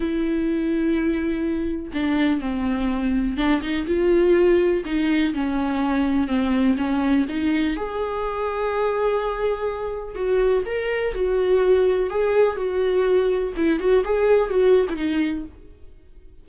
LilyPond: \new Staff \with { instrumentName = "viola" } { \time 4/4 \tempo 4 = 124 e'1 | d'4 c'2 d'8 dis'8 | f'2 dis'4 cis'4~ | cis'4 c'4 cis'4 dis'4 |
gis'1~ | gis'4 fis'4 ais'4 fis'4~ | fis'4 gis'4 fis'2 | e'8 fis'8 gis'4 fis'8. e'16 dis'4 | }